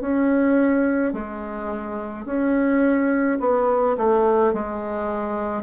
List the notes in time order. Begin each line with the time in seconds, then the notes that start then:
0.00 C#4
1.13 G#3
2.25 C#4
3.40 B3
3.97 A3
4.53 G#3